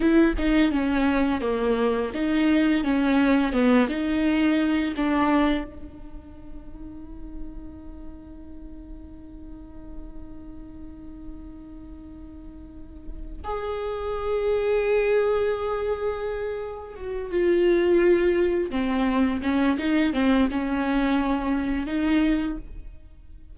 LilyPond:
\new Staff \with { instrumentName = "viola" } { \time 4/4 \tempo 4 = 85 e'8 dis'8 cis'4 ais4 dis'4 | cis'4 b8 dis'4. d'4 | dis'1~ | dis'1~ |
dis'2. gis'4~ | gis'1 | fis'8 f'2 c'4 cis'8 | dis'8 c'8 cis'2 dis'4 | }